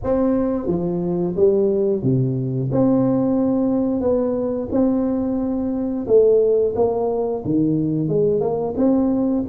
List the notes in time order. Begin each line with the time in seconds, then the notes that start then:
0.03 C4
0.66 F3
1.36 G3
2.02 C3
2.71 C4
4.01 B3
4.71 C4
6.07 A3
6.75 A#3
7.45 D#3
8.08 G#3
8.40 A#3
8.76 C4